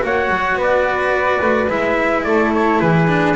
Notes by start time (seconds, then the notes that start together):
0.00 A#3 F#4 C#5 F#5
0.29 F#3
0.54 B3 B4
0.61 D5
1.41 A3
1.69 G#3 E4 E5
2.23 A3 A4 D5
2.54 C#5
2.80 E3 G#4 B4
3.08 D4